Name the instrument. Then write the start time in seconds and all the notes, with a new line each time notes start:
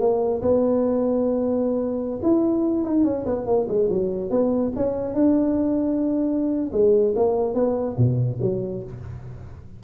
tuba
0.00 A#3
0.42 B3
2.23 E4
2.85 D#4
3.05 C#4
3.26 B3
3.47 A#3
3.68 G#3
3.90 F#3
4.30 B3
4.76 C#4
5.14 D4
6.73 G#3
7.16 A#3
7.55 B3
7.98 B2
8.42 F#3